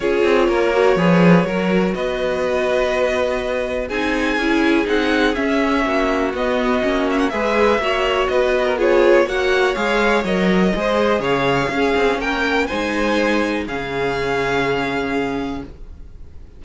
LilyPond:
<<
  \new Staff \with { instrumentName = "violin" } { \time 4/4 \tempo 4 = 123 cis''1 | dis''1 | gis''2 fis''4 e''4~ | e''4 dis''4. e''16 fis''16 e''4~ |
e''4 dis''4 cis''4 fis''4 | f''4 dis''2 f''4~ | f''4 g''4 gis''2 | f''1 | }
  \new Staff \with { instrumentName = "violin" } { \time 4/4 gis'4 ais'4 b'4 ais'4 | b'1 | gis'1 | fis'2. b'4 |
cis''4 b'8. ais'16 gis'4 cis''4~ | cis''2 c''4 cis''4 | gis'4 ais'4 c''2 | gis'1 | }
  \new Staff \with { instrumentName = "viola" } { \time 4/4 f'4. fis'8 gis'4 fis'4~ | fis'1 | dis'4 e'4 dis'4 cis'4~ | cis'4 b4 cis'4 gis'4 |
fis'2 f'4 fis'4 | gis'4 ais'4 gis'2 | cis'2 dis'2 | cis'1 | }
  \new Staff \with { instrumentName = "cello" } { \time 4/4 cis'8 c'8 ais4 f4 fis4 | b1 | c'4 cis'4 c'4 cis'4 | ais4 b4 ais4 gis4 |
ais4 b2 ais4 | gis4 fis4 gis4 cis4 | cis'8 c'8 ais4 gis2 | cis1 | }
>>